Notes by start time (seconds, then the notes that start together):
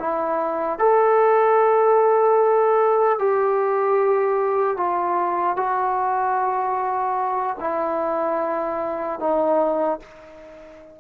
0.00 E4
0.79 A4
3.19 G4
4.77 F4
5.57 F#4
7.61 E4
9.20 D#4